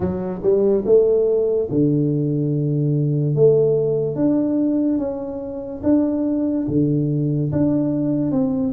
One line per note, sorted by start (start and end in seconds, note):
0.00 0.41 F#3
0.42 0.84 G3
0.85 1.69 A3
1.70 3.35 D3
3.35 4.15 A3
4.15 4.98 D4
4.98 5.81 C#4
5.83 6.66 D4
6.68 7.51 D3
7.52 8.31 D4
8.31 8.73 C4